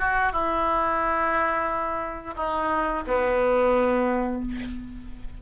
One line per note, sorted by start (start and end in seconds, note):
0.00 0.33 F#4
0.33 2.35 E4
2.37 3.04 D#4
3.07 4.42 B3